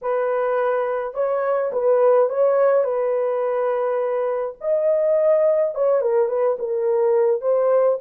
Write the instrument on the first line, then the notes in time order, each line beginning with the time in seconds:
horn
0.01 B4
1.14 C#5
1.72 B4
2.29 C#5
2.84 B4
4.61 D#5
5.74 C#5
6.01 A#4
6.28 B4
6.58 A#4
7.41 C5